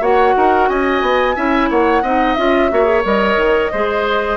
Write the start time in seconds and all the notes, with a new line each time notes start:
0.00 A#3 F#4 C#5 F#5
0.36 D#4 A#4
0.68 C#4 D#5 G#5
1.01 B3
1.35 C#4 E4 E5
1.69 A#3 C#5 F#5
2.02 C4 D#4 D#5
2.34 C#4 F4 E5
2.70 A#3 F#4 C#5
2.84 G#4
3.03 G3 A#4 D#5
3.36 D#3
3.71 G#3 G#4 C5